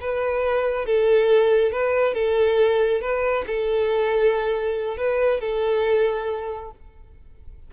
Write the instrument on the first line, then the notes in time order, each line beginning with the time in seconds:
violin
0.00 B4
0.85 A4
1.72 B4
2.14 A4
3.01 B4
3.46 A4
4.97 B4
5.40 A4